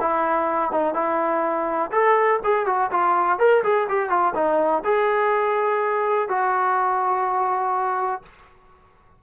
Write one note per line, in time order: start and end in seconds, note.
0.00 0.71 E4
0.71 0.94 D#4
0.94 1.90 E4
1.92 2.40 A4
2.44 2.66 G#4
2.66 2.90 F#4
2.91 3.39 F4
3.39 3.63 A#4
3.63 3.88 G#4
3.88 4.09 G4
4.09 4.34 F4
4.35 4.83 D#4
4.84 6.29 G#4
6.29 8.22 F#4